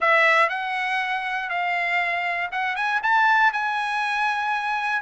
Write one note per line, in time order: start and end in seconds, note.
0.00 0.49 E5
0.49 1.49 F#5
1.49 2.50 F5
2.51 2.76 F#5
2.76 3.01 G#5
3.02 3.52 A5
3.52 5.02 G#5